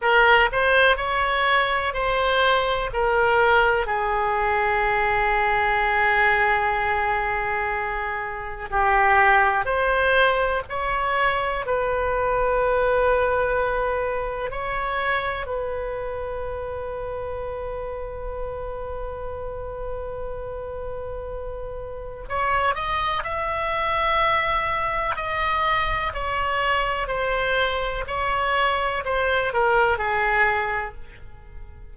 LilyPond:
\new Staff \with { instrumentName = "oboe" } { \time 4/4 \tempo 4 = 62 ais'8 c''8 cis''4 c''4 ais'4 | gis'1~ | gis'4 g'4 c''4 cis''4 | b'2. cis''4 |
b'1~ | b'2. cis''8 dis''8 | e''2 dis''4 cis''4 | c''4 cis''4 c''8 ais'8 gis'4 | }